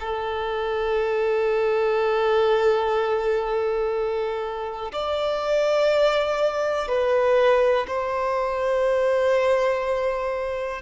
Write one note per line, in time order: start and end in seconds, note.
0.00 4.92 A4
4.93 6.88 D5
6.88 7.86 B4
7.87 10.82 C5